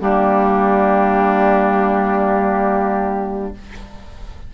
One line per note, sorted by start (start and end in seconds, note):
0.00 3.53 G3
0.00 3.53 A#3
0.00 3.54 D4
0.00 3.54 G4